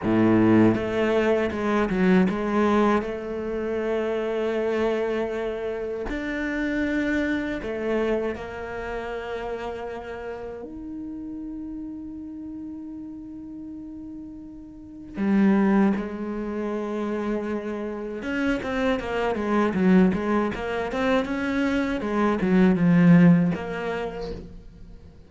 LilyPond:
\new Staff \with { instrumentName = "cello" } { \time 4/4 \tempo 4 = 79 a,4 a4 gis8 fis8 gis4 | a1 | d'2 a4 ais4~ | ais2 dis'2~ |
dis'1 | g4 gis2. | cis'8 c'8 ais8 gis8 fis8 gis8 ais8 c'8 | cis'4 gis8 fis8 f4 ais4 | }